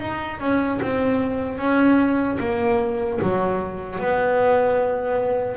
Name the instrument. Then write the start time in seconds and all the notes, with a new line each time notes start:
double bass
0.00 D#4
0.40 C#4
0.82 C4
1.58 C#4
2.39 A#3
3.22 F#3
3.99 B3